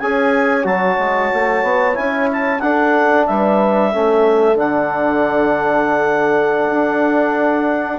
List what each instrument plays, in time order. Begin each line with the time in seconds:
0.00 bassoon C#4, trombone G#4, horn C#5, clarinet G#5
0.64 bassoon F#3, trombone F#4, clarinet A5
0.99 bassoon G#3
1.34 bassoon A3
1.64 bassoon B3
1.94 bassoon C#4, trombone E4, clarinet G#5
2.33 clarinet A5
2.60 bassoon D4, trombone D4, horn A4, clarinet F#5
3.27 bassoon G3, horn B4, clarinet E5
3.93 bassoon A3, trombone C#4, horn A4
4.56 bassoon D3, trombone D4, clarinet F#5
6.72 bassoon D4